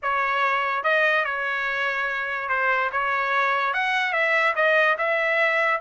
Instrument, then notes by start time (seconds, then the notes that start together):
trumpet
0.02 C#5
0.83 D#5
1.25 C#5
2.48 C5
2.92 C#5
3.73 F#5
4.12 E5
4.55 D#5
4.98 E5